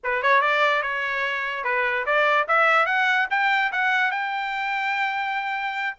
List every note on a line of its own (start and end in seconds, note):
0.03 0.22 B4
0.22 0.41 C#5
0.41 0.82 D5
0.82 1.63 C#5
1.63 2.05 B4
2.05 2.47 D5
2.48 2.86 E5
2.86 3.27 F#5
3.30 3.71 G5
3.72 4.11 F#5
4.11 5.96 G5